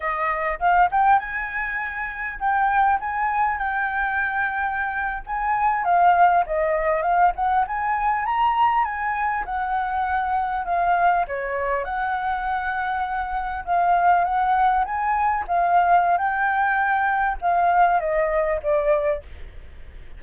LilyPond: \new Staff \with { instrumentName = "flute" } { \time 4/4 \tempo 4 = 100 dis''4 f''8 g''8 gis''2 | g''4 gis''4 g''2~ | g''8. gis''4 f''4 dis''4 f''16~ | f''16 fis''8 gis''4 ais''4 gis''4 fis''16~ |
fis''4.~ fis''16 f''4 cis''4 fis''16~ | fis''2~ fis''8. f''4 fis''16~ | fis''8. gis''4 f''4~ f''16 g''4~ | g''4 f''4 dis''4 d''4 | }